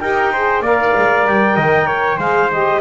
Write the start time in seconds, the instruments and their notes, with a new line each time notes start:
0.00 double bass D#4, saxophone G4, trumpet A#4, clarinet G5
0.33 saxophone G#4, trumpet C5
0.61 double bass A#3, saxophone A#4, trumpet D5, clarinet F5
0.98 double bass G#3
1.27 double bass G3, clarinet G5
1.56 double bass D#3, trumpet D#5
1.87 trumpet C#5
2.18 double bass G#3, saxophone G#4, trumpet C5, clarinet F5
2.52 saxophone G4, clarinet D#5